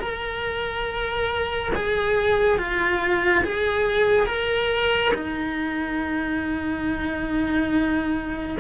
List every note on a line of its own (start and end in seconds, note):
0.00 1.71 A#4
1.75 2.58 G#4
2.58 3.44 F4
3.45 4.27 G#4
4.27 5.13 A#4
5.15 8.58 D#4